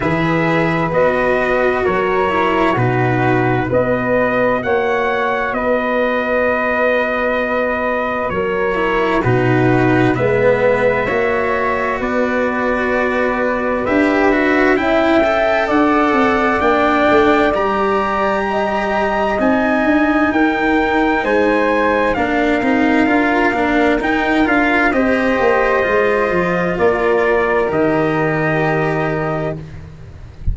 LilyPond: <<
  \new Staff \with { instrumentName = "trumpet" } { \time 4/4 \tempo 4 = 65 e''4 dis''4 cis''4 b'4 | dis''4 fis''4 dis''2~ | dis''4 cis''4 b'4 e''4~ | e''4 d''2 e''4 |
g''4 fis''4 g''4 ais''4~ | ais''4 gis''4 g''4 gis''4 | f''2 g''8 f''8 dis''4~ | dis''4 d''4 dis''2 | }
  \new Staff \with { instrumentName = "flute" } { \time 4/4 b'2 ais'4 fis'4 | b'4 cis''4 b'2~ | b'4 ais'4 fis'4 b'4 | cis''4 b'2. |
e''4 d''2. | dis''2 ais'4 c''4 | ais'2. c''4~ | c''4 ais'2. | }
  \new Staff \with { instrumentName = "cello" } { \time 4/4 gis'4 fis'4. e'8 dis'4 | fis'1~ | fis'4. e'8 dis'4 b4 | fis'2. g'8 fis'8 |
e'8 a'4. d'4 g'4~ | g'4 dis'2. | d'8 dis'8 f'8 d'8 dis'8 f'8 g'4 | f'2 g'2 | }
  \new Staff \with { instrumentName = "tuba" } { \time 4/4 e4 b4 fis4 b,4 | b4 ais4 b2~ | b4 fis4 b,4 gis4 | ais4 b2 d'4 |
cis'4 d'8 c'8 ais8 a8 g4~ | g4 c'8 d'8 dis'4 gis4 | ais8 c'8 d'8 ais8 dis'8 d'8 c'8 ais8 | gis8 f8 ais4 dis2 | }
>>